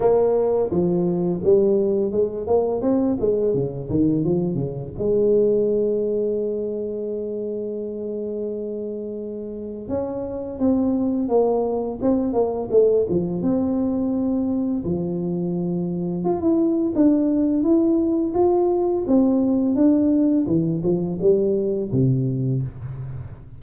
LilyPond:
\new Staff \with { instrumentName = "tuba" } { \time 4/4 \tempo 4 = 85 ais4 f4 g4 gis8 ais8 | c'8 gis8 cis8 dis8 f8 cis8 gis4~ | gis1~ | gis2 cis'4 c'4 |
ais4 c'8 ais8 a8 f8 c'4~ | c'4 f2 f'16 e'8. | d'4 e'4 f'4 c'4 | d'4 e8 f8 g4 c4 | }